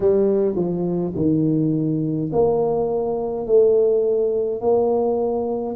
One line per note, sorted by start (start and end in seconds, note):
0.00 0.55 G3
0.55 1.13 F3
1.15 2.31 D#3
2.32 3.46 A#3
3.46 4.60 A3
4.60 5.76 A#3